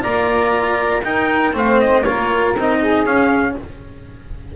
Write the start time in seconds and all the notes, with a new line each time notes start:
0.00 A#3 F4 D5 A#5
1.04 D#4 A#4 G5
1.53 A3 C4 C5 F5
1.80 D#5
2.03 A#3 F4 A#4 C#5
2.55 C4 D#4 D#5
2.79 G#4
3.04 C#4 F5